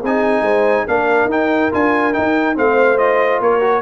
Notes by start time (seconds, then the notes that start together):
0.00 C4 D#4 G#4 G#5
0.41 G#3 C5
0.87 A#3 D4 A#4 F5
1.25 D#4 G5
1.71 D4 F4 G#5
2.12 D#4 G5
2.54 A3 C4 C5 F5
2.97 F4 D#5
3.40 A#3 A#4 C#5
3.60 F#4